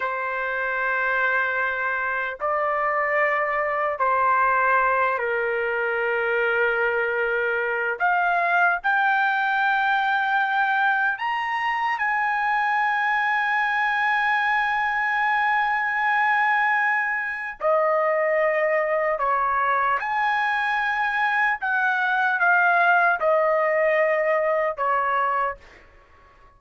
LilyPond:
\new Staff \with { instrumentName = "trumpet" } { \time 4/4 \tempo 4 = 75 c''2. d''4~ | d''4 c''4. ais'4.~ | ais'2 f''4 g''4~ | g''2 ais''4 gis''4~ |
gis''1~ | gis''2 dis''2 | cis''4 gis''2 fis''4 | f''4 dis''2 cis''4 | }